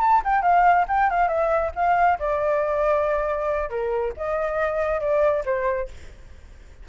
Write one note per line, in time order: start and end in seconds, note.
0.00 0.22 A5
0.24 0.42 G5
0.42 0.85 F5
0.88 1.10 G5
1.10 1.28 F5
1.28 1.71 E5
1.75 2.18 F5
2.19 3.70 D5
3.70 4.13 A#4
4.17 5.00 D#5
5.00 5.44 D5
5.45 5.88 C5